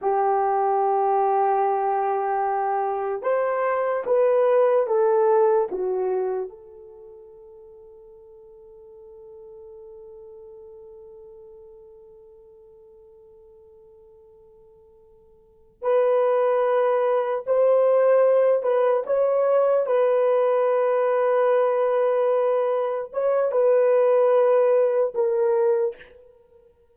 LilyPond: \new Staff \with { instrumentName = "horn" } { \time 4/4 \tempo 4 = 74 g'1 | c''4 b'4 a'4 fis'4 | a'1~ | a'1~ |
a'2.~ a'8 b'8~ | b'4. c''4. b'8 cis''8~ | cis''8 b'2.~ b'8~ | b'8 cis''8 b'2 ais'4 | }